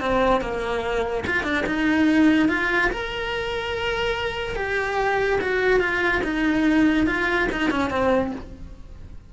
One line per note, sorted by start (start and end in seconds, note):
0.00 0.41 C4
0.41 1.24 A#3
1.27 1.43 F4
1.43 1.64 D4
1.66 2.49 D#4
2.49 2.90 F4
2.91 4.56 A#4
4.56 5.39 G4
5.41 5.80 F#4
5.80 6.21 F4
6.24 7.06 D#4
7.06 7.48 F4
7.52 7.70 D#4
7.70 7.90 C#4
7.90 8.32 C4